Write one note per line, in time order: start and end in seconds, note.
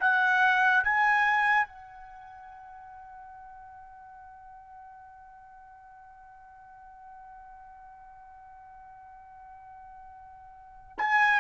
0.00 0.83 F#5
0.83 1.67 G#5
1.67 10.97 F#5
10.98 11.40 G#5